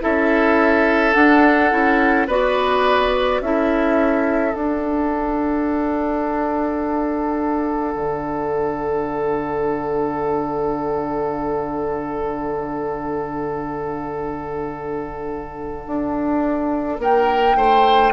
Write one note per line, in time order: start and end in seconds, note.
0.00 1.15 C#4
0.00 1.13 E4
0.00 2.27 A4
0.00 1.13 E5
1.13 1.70 D4
1.13 1.71 D4
1.13 2.26 F#5
1.70 2.27 C#4
1.70 2.27 E4
2.27 3.40 B3
2.27 3.43 F#4
2.27 3.40 B4
2.27 3.41 D5
3.40 4.54 C#4
3.40 4.53 E4
3.40 17.00 A4
3.40 4.54 E5
4.53 18.12 D4
4.53 7.94 D4
4.53 16.99 F#5
7.95 15.87 D3
15.87 16.98 D4
16.98 17.55 A#3
16.98 17.56 A#4
16.98 18.13 G5
17.55 18.12 A3
17.55 18.13 C5